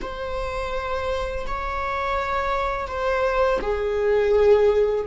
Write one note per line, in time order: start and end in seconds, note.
0.01 1.46 C5
1.47 2.87 C#5
2.87 3.59 C5
3.61 5.05 G#4